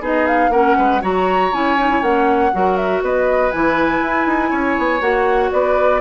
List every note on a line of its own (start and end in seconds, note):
0.00 0.49 B3
0.00 0.51 D#4
0.00 0.50 G#4
0.00 0.26 D#5
0.26 0.51 F5
0.49 0.74 A#3
0.49 1.01 C#4
0.49 0.77 A#4
0.49 1.01 F#5
0.77 1.02 G#3
0.77 1.01 B4
1.01 1.52 F#3
1.01 1.51 F#4
1.01 2.51 C#5
1.01 1.53 A#5
1.52 2.01 C#4
1.52 1.77 E4
1.52 2.02 G#5
1.77 1.89 D#4
1.89 2.01 E4
2.01 2.51 A#3
2.01 2.51 C#4
2.01 2.76 F#5
2.52 3.01 F#3
2.52 3.52 F#4
2.52 3.03 A#4
2.76 3.01 E5
3.01 3.51 B3
3.01 4.49 B4
3.01 3.51 D#5
3.51 4.02 E3
3.51 5.00 E4
3.51 5.01 G#5
4.02 4.26 E4
4.26 4.51 D#4
4.49 4.76 C#4
4.49 5.49 C#5
4.78 5.00 B3
5.00 5.50 A#3
5.00 6.00 F#4
5.00 5.51 F#5
5.51 6.01 B3
5.51 6.01 B4
5.51 6.01 D5